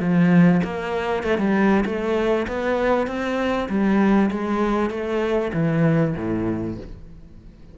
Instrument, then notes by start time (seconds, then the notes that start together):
cello
0.00 F3
0.64 A#3
1.24 A3
1.39 G3
1.86 A3
2.48 B3
3.07 C4
3.69 G3
4.31 G#3
4.90 A3
5.54 E3
6.16 A2